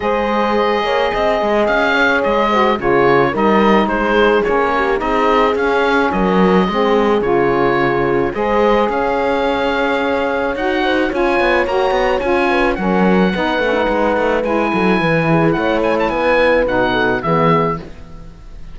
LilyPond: <<
  \new Staff \with { instrumentName = "oboe" } { \time 4/4 \tempo 4 = 108 dis''2. f''4 | dis''4 cis''4 dis''4 c''4 | cis''4 dis''4 f''4 dis''4~ | dis''4 cis''2 dis''4 |
f''2. fis''4 | gis''4 ais''4 gis''4 fis''4~ | fis''2 gis''2 | fis''8 gis''16 a''16 gis''4 fis''4 e''4 | }
  \new Staff \with { instrumentName = "horn" } { \time 4/4 c''4. cis''8 dis''4. cis''8~ | cis''8 c''8 gis'4 ais'4 gis'4~ | gis'8 g'8 gis'2 ais'4 | gis'2. c''4 |
cis''2.~ cis''8 c''8 | cis''2~ cis''8 b'8 ais'4 | b'2~ b'8 a'8 b'8 gis'8 | cis''4 b'4. a'8 gis'4 | }
  \new Staff \with { instrumentName = "saxophone" } { \time 4/4 gis'1~ | gis'8 fis'8 f'4 dis'2 | cis'4 dis'4 cis'2 | c'4 f'2 gis'4~ |
gis'2. fis'4 | f'4 fis'4 f'4 cis'4 | dis'8 cis'16 dis'4~ dis'16 e'2~ | e'2 dis'4 b4 | }
  \new Staff \with { instrumentName = "cello" } { \time 4/4 gis4. ais8 c'8 gis8 cis'4 | gis4 cis4 g4 gis4 | ais4 c'4 cis'4 fis4 | gis4 cis2 gis4 |
cis'2. dis'4 | cis'8 b8 ais8 b8 cis'4 fis4 | b8 a8 gis8 a8 gis8 fis8 e4 | a4 b4 b,4 e4 | }
>>